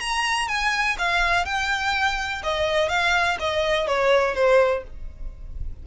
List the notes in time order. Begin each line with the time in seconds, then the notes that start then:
0.00 A#5
0.48 G#5
0.99 F5
1.46 G5
2.43 D#5
2.89 F5
3.40 D#5
3.87 C#5
4.35 C5